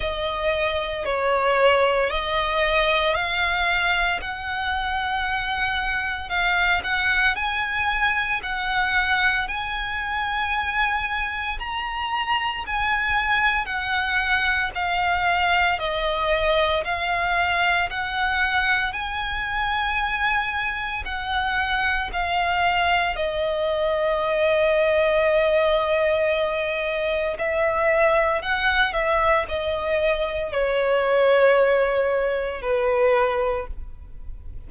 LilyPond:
\new Staff \with { instrumentName = "violin" } { \time 4/4 \tempo 4 = 57 dis''4 cis''4 dis''4 f''4 | fis''2 f''8 fis''8 gis''4 | fis''4 gis''2 ais''4 | gis''4 fis''4 f''4 dis''4 |
f''4 fis''4 gis''2 | fis''4 f''4 dis''2~ | dis''2 e''4 fis''8 e''8 | dis''4 cis''2 b'4 | }